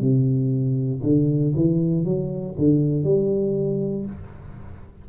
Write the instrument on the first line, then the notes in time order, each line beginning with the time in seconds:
tuba
0.00 C3
1.03 D3
1.56 E3
2.04 F#3
2.58 D3
3.04 G3